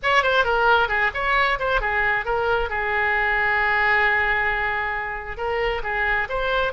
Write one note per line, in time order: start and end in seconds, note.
0.02 0.23 C#5
0.23 0.44 C5
0.44 0.88 A#4
0.88 1.10 G#4
1.14 1.58 C#5
1.59 1.80 C5
1.80 2.25 G#4
2.25 2.69 A#4
2.69 5.37 G#4
5.37 5.81 A#4
5.83 6.28 G#4
6.29 6.72 C5